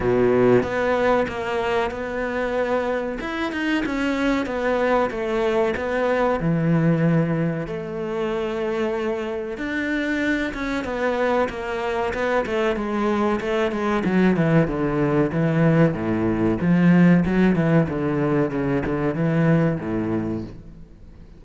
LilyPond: \new Staff \with { instrumentName = "cello" } { \time 4/4 \tempo 4 = 94 b,4 b4 ais4 b4~ | b4 e'8 dis'8 cis'4 b4 | a4 b4 e2 | a2. d'4~ |
d'8 cis'8 b4 ais4 b8 a8 | gis4 a8 gis8 fis8 e8 d4 | e4 a,4 f4 fis8 e8 | d4 cis8 d8 e4 a,4 | }